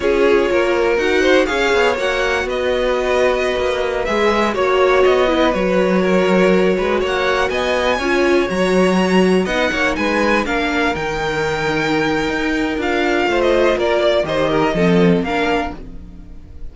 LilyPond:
<<
  \new Staff \with { instrumentName = "violin" } { \time 4/4 \tempo 4 = 122 cis''2 fis''4 f''4 | fis''4 dis''2.~ | dis''16 e''4 cis''4 dis''4 cis''8.~ | cis''2~ cis''16 fis''4 gis''8.~ |
gis''4~ gis''16 ais''2 fis''8.~ | fis''16 gis''4 f''4 g''4.~ g''16~ | g''2 f''4~ f''16 dis''8. | d''4 dis''2 f''4 | }
  \new Staff \with { instrumentName = "violin" } { \time 4/4 gis'4 ais'4. c''8 cis''4~ | cis''4 b'2.~ | b'4~ b'16 cis''4. b'4~ b'16~ | b'16 ais'4. b'8 cis''4 dis''8.~ |
dis''16 cis''2. dis''8 cis''16~ | cis''16 b'4 ais'2~ ais'8.~ | ais'2. c''4 | ais'8 d''8 c''8 ais'8 a'4 ais'4 | }
  \new Staff \with { instrumentName = "viola" } { \time 4/4 f'2 fis'4 gis'4 | fis'1~ | fis'16 gis'4 fis'4. e'8 fis'8.~ | fis'1~ |
fis'16 f'4 fis'2 dis'8.~ | dis'4~ dis'16 d'4 dis'4.~ dis'16~ | dis'2 f'2~ | f'4 g'4 c'4 d'4 | }
  \new Staff \with { instrumentName = "cello" } { \time 4/4 cis'4 ais4 dis'4 cis'8 b8 | ais4 b2~ b16 ais8.~ | ais16 gis4 ais4 b4 fis8.~ | fis4.~ fis16 gis8 ais4 b8.~ |
b16 cis'4 fis2 b8 ais16~ | ais16 gis4 ais4 dis4.~ dis16~ | dis4 dis'4 d'4 a4 | ais4 dis4 f4 ais4 | }
>>